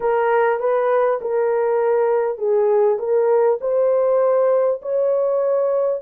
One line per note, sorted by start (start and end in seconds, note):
0.00 0.59 A#4
0.59 1.19 B4
1.21 2.37 A#4
2.37 2.97 G#4
2.98 3.58 A#4
3.61 4.81 C5
4.82 6.02 C#5